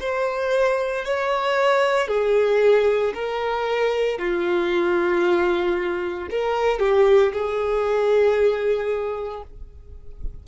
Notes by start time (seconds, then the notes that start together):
0.00 C5
1.05 C#5
2.08 G#4
3.14 A#4
4.19 F4
6.30 A#4
6.79 G4
7.33 G#4